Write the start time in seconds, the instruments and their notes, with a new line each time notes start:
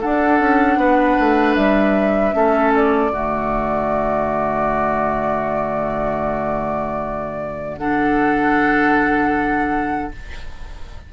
0.00 clarinet D4, bassoon D4, oboe A4, flute F#5
0.39 bassoon C#4
0.76 bassoon B3, oboe B4
1.19 bassoon A3
1.55 bassoon G3, flute E5
2.32 bassoon A3, clarinet C#4, oboe A4
2.75 flute D5
3.10 bassoon D3, clarinet A3, oboe F#4
7.77 clarinet D4, oboe A4, flute F#5